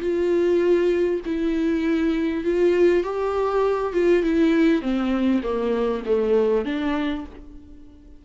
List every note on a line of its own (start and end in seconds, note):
0.00 1.20 F4
1.25 2.44 E4
2.44 3.03 F4
3.03 3.93 G4
3.93 4.23 F4
4.23 4.81 E4
4.81 5.41 C4
5.42 6.02 A#3
6.05 6.65 A3
6.65 7.25 D4